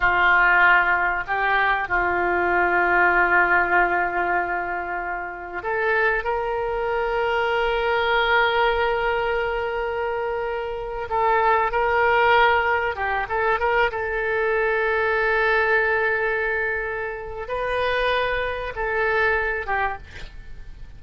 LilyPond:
\new Staff \with { instrumentName = "oboe" } { \time 4/4 \tempo 4 = 96 f'2 g'4 f'4~ | f'1~ | f'4 a'4 ais'2~ | ais'1~ |
ais'4.~ ais'16 a'4 ais'4~ ais'16~ | ais'8. g'8 a'8 ais'8 a'4.~ a'16~ | a'1 | b'2 a'4. g'8 | }